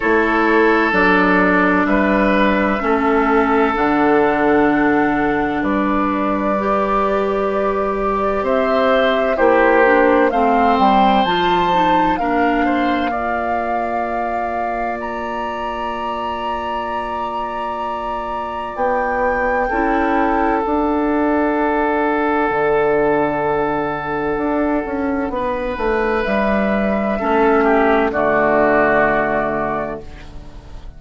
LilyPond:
<<
  \new Staff \with { instrumentName = "flute" } { \time 4/4 \tempo 4 = 64 cis''4 d''4 e''2 | fis''2 d''2~ | d''4 e''4 c''4 f''8 g''8 | a''4 f''2. |
ais''1 | g''2 fis''2~ | fis''1 | e''2 d''2 | }
  \new Staff \with { instrumentName = "oboe" } { \time 4/4 a'2 b'4 a'4~ | a'2 b'2~ | b'4 c''4 g'4 c''4~ | c''4 ais'8 c''8 d''2~ |
d''1~ | d''4 a'2.~ | a'2. b'4~ | b'4 a'8 g'8 fis'2 | }
  \new Staff \with { instrumentName = "clarinet" } { \time 4/4 e'4 d'2 cis'4 | d'2. g'4~ | g'2 e'8 d'8 c'4 | f'8 dis'8 d'4 f'2~ |
f'1~ | f'4 e'4 d'2~ | d'1~ | d'4 cis'4 a2 | }
  \new Staff \with { instrumentName = "bassoon" } { \time 4/4 a4 fis4 g4 a4 | d2 g2~ | g4 c'4 ais4 a8 g8 | f4 ais2.~ |
ais1 | b4 cis'4 d'2 | d2 d'8 cis'8 b8 a8 | g4 a4 d2 | }
>>